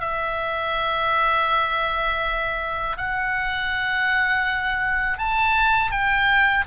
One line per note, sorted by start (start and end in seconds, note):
0.00 2.96 E5
2.96 5.18 F#5
5.18 5.91 A5
5.91 6.65 G5